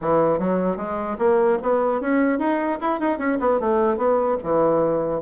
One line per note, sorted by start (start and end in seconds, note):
0.01 0.38 E3
0.38 0.77 F#3
0.77 1.17 G#3
1.18 1.58 A#3
1.62 2.01 B3
2.01 2.38 C#4
2.38 2.78 D#4
2.81 3.00 E4
3.00 3.18 D#4
3.18 3.38 C#4
3.40 3.59 B3
3.59 3.97 A3
3.97 4.37 B3
4.43 5.21 E3